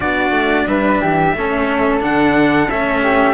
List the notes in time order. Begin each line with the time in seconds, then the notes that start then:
0.00 B3 D4 F#4 D5
0.30 A3
0.67 G3 B4 E5
1.01 E3 G4
1.33 A3 C#4 A4
2.00 D3 D4 F#5
2.69 A3 C#4 E5
3.02 G4